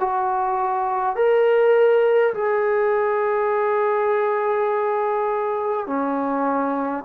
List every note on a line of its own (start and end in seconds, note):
0.00 1.16 F#4
1.16 2.34 A#4
2.34 5.87 G#4
5.87 7.04 C#4